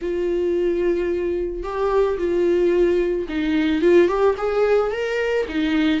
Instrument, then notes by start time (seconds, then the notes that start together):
viola
0.01 F4
1.63 G4
2.17 F4
3.29 D#4
3.81 F4
4.08 G4
4.37 G#4
4.91 A#4
5.48 D#4